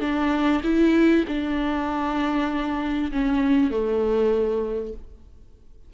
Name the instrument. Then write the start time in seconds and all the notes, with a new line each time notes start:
viola
0.00 D4
0.63 E4
1.27 D4
3.12 C#4
3.70 A3